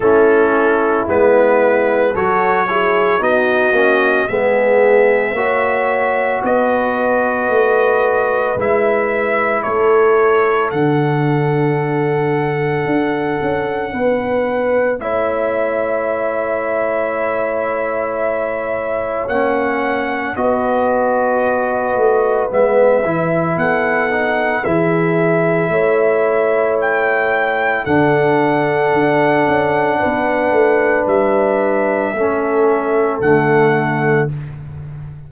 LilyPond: <<
  \new Staff \with { instrumentName = "trumpet" } { \time 4/4 \tempo 4 = 56 a'4 b'4 cis''4 dis''4 | e''2 dis''2 | e''4 cis''4 fis''2~ | fis''2 e''2~ |
e''2 fis''4 dis''4~ | dis''4 e''4 fis''4 e''4~ | e''4 g''4 fis''2~ | fis''4 e''2 fis''4 | }
  \new Staff \with { instrumentName = "horn" } { \time 4/4 e'2 a'8 gis'8 fis'4 | gis'4 cis''4 b'2~ | b'4 a'2.~ | a'4 b'4 cis''2~ |
cis''2. b'4~ | b'2 a'4 gis'4 | cis''2 a'2 | b'2 a'2 | }
  \new Staff \with { instrumentName = "trombone" } { \time 4/4 cis'4 b4 fis'8 e'8 dis'8 cis'8 | b4 fis'2. | e'2 d'2~ | d'2 e'2~ |
e'2 cis'4 fis'4~ | fis'4 b8 e'4 dis'8 e'4~ | e'2 d'2~ | d'2 cis'4 a4 | }
  \new Staff \with { instrumentName = "tuba" } { \time 4/4 a4 gis4 fis4 b8 ais8 | gis4 ais4 b4 a4 | gis4 a4 d2 | d'8 cis'8 b4 a2~ |
a2 ais4 b4~ | b8 a8 gis8 e8 b4 e4 | a2 d4 d'8 cis'8 | b8 a8 g4 a4 d4 | }
>>